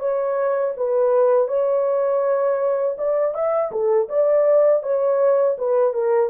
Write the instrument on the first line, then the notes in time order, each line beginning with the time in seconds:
horn
0.00 C#5
0.77 B4
1.48 C#5
2.98 D5
3.35 E5
3.72 A4
4.09 D5
4.84 C#5
5.59 B4
5.94 A#4